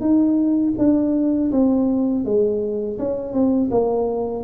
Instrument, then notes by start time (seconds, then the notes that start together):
tuba
0.00 D#4
0.78 D4
1.51 C4
2.25 G#3
2.98 C#4
3.33 C4
3.71 A#3